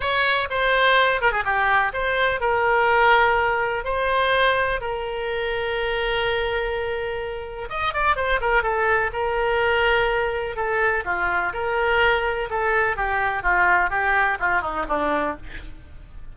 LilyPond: \new Staff \with { instrumentName = "oboe" } { \time 4/4 \tempo 4 = 125 cis''4 c''4. ais'16 gis'16 g'4 | c''4 ais'2. | c''2 ais'2~ | ais'1 |
dis''8 d''8 c''8 ais'8 a'4 ais'4~ | ais'2 a'4 f'4 | ais'2 a'4 g'4 | f'4 g'4 f'8 dis'8 d'4 | }